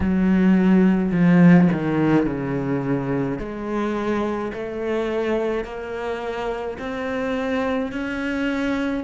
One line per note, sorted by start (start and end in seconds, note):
0.00 1.11 F#3
1.11 1.68 F3
1.72 2.26 D#3
2.26 3.38 C#3
3.38 4.51 G#3
4.53 5.64 A3
5.64 6.77 A#3
6.79 7.91 C4
7.91 9.04 C#4